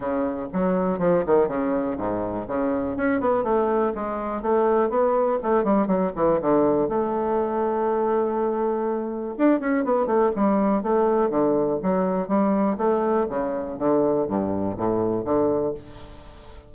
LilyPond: \new Staff \with { instrumentName = "bassoon" } { \time 4/4 \tempo 4 = 122 cis4 fis4 f8 dis8 cis4 | gis,4 cis4 cis'8 b8 a4 | gis4 a4 b4 a8 g8 | fis8 e8 d4 a2~ |
a2. d'8 cis'8 | b8 a8 g4 a4 d4 | fis4 g4 a4 cis4 | d4 g,4 a,4 d4 | }